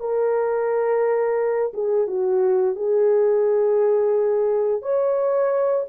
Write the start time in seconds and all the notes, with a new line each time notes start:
0.00 A#4
1.74 G#4
2.07 F#4
2.76 G#4
4.82 C#5